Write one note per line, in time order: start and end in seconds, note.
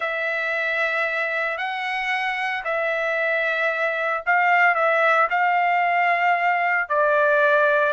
0.00 1.57 E5
1.57 2.63 F#5
2.64 4.23 E5
4.26 4.74 F5
4.74 5.28 E5
5.30 6.89 F5
6.89 7.93 D5